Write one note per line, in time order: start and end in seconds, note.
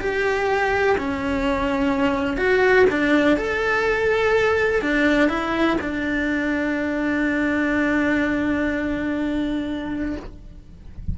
0.00 0.97 G4
0.98 2.38 C#4
2.38 2.86 F#4
2.91 3.37 D4
3.37 4.82 A4
4.82 5.29 D4
5.29 5.78 E4
5.81 10.17 D4